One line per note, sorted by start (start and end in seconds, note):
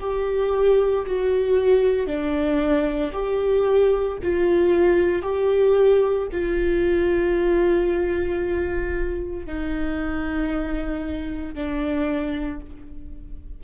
0.00 1.05 G4
1.06 2.06 F#4
2.06 3.11 D4
3.12 4.18 G4
4.22 5.22 F4
5.22 6.27 G4
6.32 9.46 F4
9.46 11.55 D#4
11.55 12.60 D4